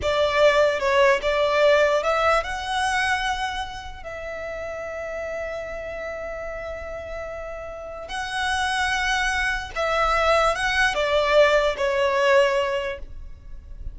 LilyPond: \new Staff \with { instrumentName = "violin" } { \time 4/4 \tempo 4 = 148 d''2 cis''4 d''4~ | d''4 e''4 fis''2~ | fis''2 e''2~ | e''1~ |
e''1 | fis''1 | e''2 fis''4 d''4~ | d''4 cis''2. | }